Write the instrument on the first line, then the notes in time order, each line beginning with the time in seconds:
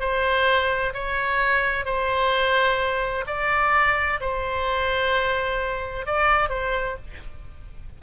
oboe
0.00 C5
0.93 C#5
1.85 C5
3.27 D5
4.20 C5
6.06 D5
6.49 C5